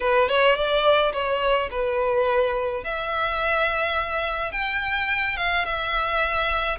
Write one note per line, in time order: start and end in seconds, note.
0.00 0.28 B4
0.28 0.55 C#5
0.55 1.12 D5
1.12 1.69 C#5
1.70 2.84 B4
2.84 4.52 E5
4.52 5.36 G5
5.36 5.64 F5
5.64 6.78 E5